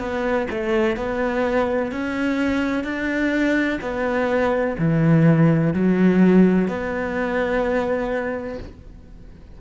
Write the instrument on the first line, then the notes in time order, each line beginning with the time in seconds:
cello
0.00 B3
0.51 A3
0.97 B3
1.92 C#4
2.84 D4
3.82 B3
4.79 E3
5.74 F#3
6.68 B3